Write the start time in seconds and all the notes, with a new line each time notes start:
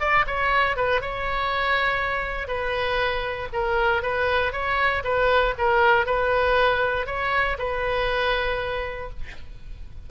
0.00 D5
0.27 C#5
0.76 B4
1.01 C#5
2.48 B4
3.53 A#4
4.03 B4
4.52 C#5
5.04 B4
5.58 A#4
6.06 B4
7.07 C#5
7.59 B4